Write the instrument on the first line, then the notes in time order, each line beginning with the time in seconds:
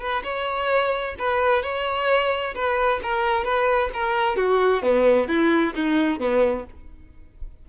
violin
0.00 B4
0.24 C#5
1.19 B4
1.63 C#5
2.55 B4
3.03 A#4
3.45 B4
3.94 A#4
4.37 F#4
4.83 B3
5.28 E4
5.76 D#4
6.20 B3